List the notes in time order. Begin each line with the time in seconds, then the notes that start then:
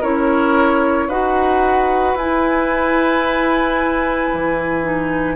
0.00 C#4 E4 A#4 C#5
1.08 D#4 F#4 B4 F#5
2.14 E4 G#5
4.33 E3
4.82 D#4